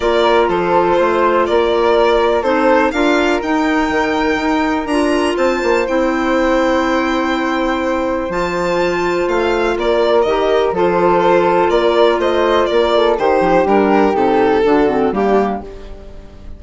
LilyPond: <<
  \new Staff \with { instrumentName = "violin" } { \time 4/4 \tempo 4 = 123 d''4 c''2 d''4~ | d''4 c''4 f''4 g''4~ | g''2 ais''4 a''4 | g''1~ |
g''4 a''2 f''4 | d''4 dis''4 c''2 | d''4 dis''4 d''4 c''4 | ais'4 a'2 g'4 | }
  \new Staff \with { instrumentName = "flute" } { \time 4/4 ais'4 a'4 c''4 ais'4~ | ais'4 a'4 ais'2~ | ais'2. c''4~ | c''1~ |
c''1 | ais'2 a'2 | ais'4 c''4 ais'8 a'8 g'4~ | g'2 fis'4 d'4 | }
  \new Staff \with { instrumentName = "clarinet" } { \time 4/4 f'1~ | f'4 dis'4 f'4 dis'4~ | dis'2 f'2 | e'1~ |
e'4 f'2.~ | f'4 g'4 f'2~ | f'2. dis'4 | d'4 dis'4 d'8 c'8 ais4 | }
  \new Staff \with { instrumentName = "bassoon" } { \time 4/4 ais4 f4 a4 ais4~ | ais4 c'4 d'4 dis'4 | dis4 dis'4 d'4 c'8 ais8 | c'1~ |
c'4 f2 a4 | ais4 dis4 f2 | ais4 a4 ais4 dis8 f8 | g4 c4 d4 g4 | }
>>